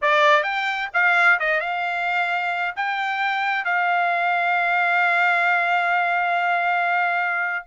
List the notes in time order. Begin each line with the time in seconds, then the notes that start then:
0.01 D5
0.43 G5
0.93 F5
1.39 D#5
1.60 F5
2.76 G5
3.64 F5